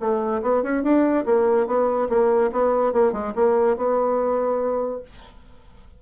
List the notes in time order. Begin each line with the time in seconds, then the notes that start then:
0.00 A3
0.42 B3
0.63 C#4
0.83 D4
1.26 A#3
1.67 B3
2.09 A#3
2.52 B3
2.93 A#3
3.12 G#3
3.35 A#3
3.77 B3